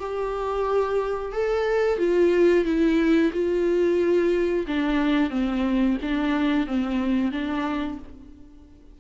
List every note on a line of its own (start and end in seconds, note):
0.00 1.32 G4
1.32 1.98 A4
1.98 2.65 F4
2.65 3.32 E4
3.33 4.66 F4
4.67 5.30 D4
5.30 5.97 C4
6.02 6.67 D4
6.67 7.32 C4
7.32 7.98 D4